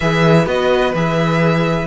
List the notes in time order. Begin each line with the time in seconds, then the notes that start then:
0.00 E3 G#4 B4 E5
0.46 B3 F#4 D#5
0.95 E3 G#4 E5